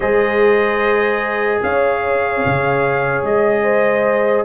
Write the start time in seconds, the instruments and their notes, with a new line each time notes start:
0.00 tuba G#3, trombone G#4, horn C5, trumpet D#5
1.62 tuba C#4, horn C#5, trumpet F5
2.45 tuba C#3
3.22 tuba G#3, trumpet D#5
3.63 horn C5